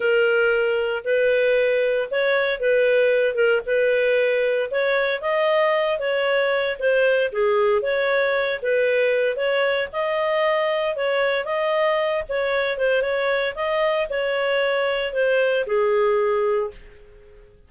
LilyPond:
\new Staff \with { instrumentName = "clarinet" } { \time 4/4 \tempo 4 = 115 ais'2 b'2 | cis''4 b'4. ais'8 b'4~ | b'4 cis''4 dis''4. cis''8~ | cis''4 c''4 gis'4 cis''4~ |
cis''8 b'4. cis''4 dis''4~ | dis''4 cis''4 dis''4. cis''8~ | cis''8 c''8 cis''4 dis''4 cis''4~ | cis''4 c''4 gis'2 | }